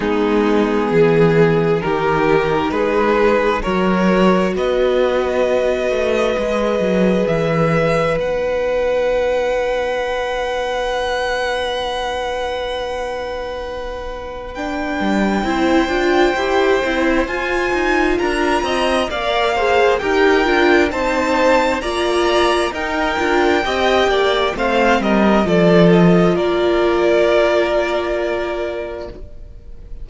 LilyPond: <<
  \new Staff \with { instrumentName = "violin" } { \time 4/4 \tempo 4 = 66 gis'2 ais'4 b'4 | cis''4 dis''2. | e''4 fis''2.~ | fis''1 |
g''2. gis''4 | ais''4 f''4 g''4 a''4 | ais''4 g''2 f''8 dis''8 | d''8 dis''8 d''2. | }
  \new Staff \with { instrumentName = "violin" } { \time 4/4 dis'4 gis'4 g'4 gis'4 | ais'4 b'2.~ | b'1~ | b'1~ |
b'4 c''2. | ais'8 dis''8 d''8 c''8 ais'4 c''4 | d''4 ais'4 dis''8 d''8 c''8 ais'8 | a'4 ais'2. | }
  \new Staff \with { instrumentName = "viola" } { \time 4/4 b2 dis'2 | fis'2. gis'4~ | gis'4 dis'2.~ | dis'1 |
d'4 e'8 f'8 g'8 e'8 f'4~ | f'4 ais'8 gis'8 g'8 f'8 dis'4 | f'4 dis'8 f'8 g'4 c'4 | f'1 | }
  \new Staff \with { instrumentName = "cello" } { \time 4/4 gis4 e4 dis4 gis4 | fis4 b4. a8 gis8 fis8 | e4 b2.~ | b1~ |
b8 g8 c'8 d'8 e'8 c'8 f'8 dis'8 | d'8 c'8 ais4 dis'8 d'8 c'4 | ais4 dis'8 d'8 c'8 ais8 a8 g8 | f4 ais2. | }
>>